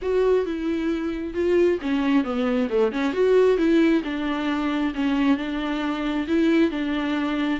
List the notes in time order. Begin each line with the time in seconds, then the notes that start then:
0.01 F#4
0.45 E4
1.34 F4
1.81 C#4
2.23 B3
2.69 A3
2.91 C#4
3.13 F#4
3.57 E4
4.04 D4
4.94 C#4
5.37 D4
6.27 E4
6.70 D4